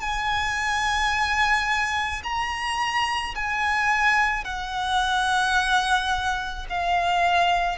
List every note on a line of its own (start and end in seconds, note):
0.00 2.22 G#5
2.23 3.34 A#5
3.35 4.44 G#5
4.44 6.66 F#5
6.69 7.78 F5